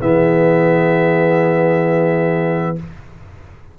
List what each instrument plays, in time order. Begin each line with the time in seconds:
0.00 tuba E3, trombone B3, horn G#4, trumpet E5